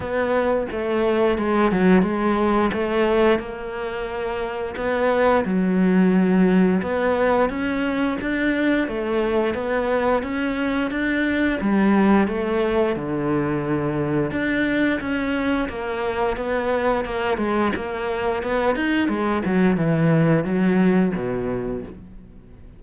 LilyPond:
\new Staff \with { instrumentName = "cello" } { \time 4/4 \tempo 4 = 88 b4 a4 gis8 fis8 gis4 | a4 ais2 b4 | fis2 b4 cis'4 | d'4 a4 b4 cis'4 |
d'4 g4 a4 d4~ | d4 d'4 cis'4 ais4 | b4 ais8 gis8 ais4 b8 dis'8 | gis8 fis8 e4 fis4 b,4 | }